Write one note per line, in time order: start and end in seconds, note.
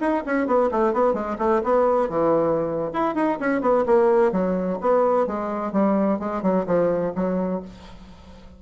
0.00 0.23 D#4
0.26 0.47 C#4
0.47 0.70 B3
0.71 0.93 A3
0.93 1.13 B3
1.13 1.37 G#3
1.38 1.62 A3
1.63 2.09 B3
2.09 2.91 E3
2.93 3.15 E4
3.15 3.38 D#4
3.40 3.61 C#4
3.61 3.85 B3
3.86 4.32 A#3
4.32 4.79 F#3
4.80 5.27 B3
5.27 5.72 G#3
5.72 6.19 G3
6.19 6.42 G#3
6.42 6.66 F#3
6.66 7.13 F3
7.15 7.62 F#3